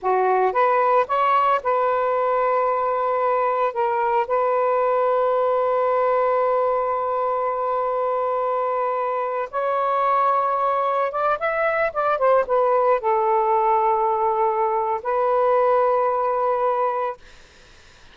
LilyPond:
\new Staff \with { instrumentName = "saxophone" } { \time 4/4 \tempo 4 = 112 fis'4 b'4 cis''4 b'4~ | b'2. ais'4 | b'1~ | b'1~ |
b'4.~ b'16 cis''2~ cis''16~ | cis''8. d''8 e''4 d''8 c''8 b'8.~ | b'16 a'2.~ a'8. | b'1 | }